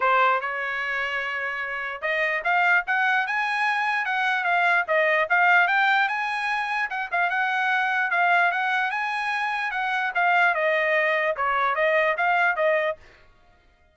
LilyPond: \new Staff \with { instrumentName = "trumpet" } { \time 4/4 \tempo 4 = 148 c''4 cis''2.~ | cis''4 dis''4 f''4 fis''4 | gis''2 fis''4 f''4 | dis''4 f''4 g''4 gis''4~ |
gis''4 fis''8 f''8 fis''2 | f''4 fis''4 gis''2 | fis''4 f''4 dis''2 | cis''4 dis''4 f''4 dis''4 | }